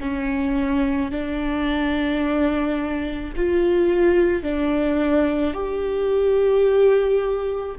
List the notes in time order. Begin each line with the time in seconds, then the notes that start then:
0.00 C#4
1.12 D4
3.36 F4
4.43 D4
5.54 G4